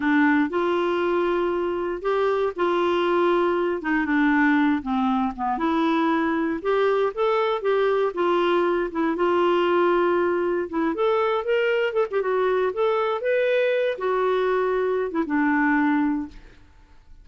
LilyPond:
\new Staff \with { instrumentName = "clarinet" } { \time 4/4 \tempo 4 = 118 d'4 f'2. | g'4 f'2~ f'8 dis'8 | d'4. c'4 b8 e'4~ | e'4 g'4 a'4 g'4 |
f'4. e'8 f'2~ | f'4 e'8 a'4 ais'4 a'16 g'16 | fis'4 a'4 b'4. fis'8~ | fis'4.~ fis'16 e'16 d'2 | }